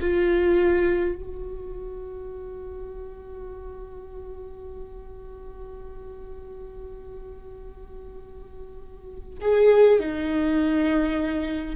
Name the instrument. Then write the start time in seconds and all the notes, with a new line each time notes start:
viola
0.00 F4
1.15 F#4
9.41 G#4
9.99 D#4